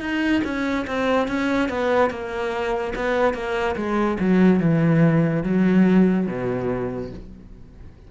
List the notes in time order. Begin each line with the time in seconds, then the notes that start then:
0.00 D#4
0.44 C#4
0.87 C4
1.28 C#4
1.69 B3
2.10 A#3
2.95 B3
3.34 A#3
3.76 G#3
4.20 F#3
4.60 E3
5.43 F#3
6.27 B2